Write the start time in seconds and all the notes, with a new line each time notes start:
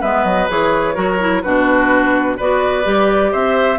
0.00 G#3 B3 B4 E5
0.24 F#3 D#5
0.48 E3 G#4 C#5
0.94 F#3 F#4 A#4
1.19 E4
1.41 B2 D4 F#4 B4
2.36 B3 F#4 B4 D5
2.83 G3 G4
3.32 C4 C5 E5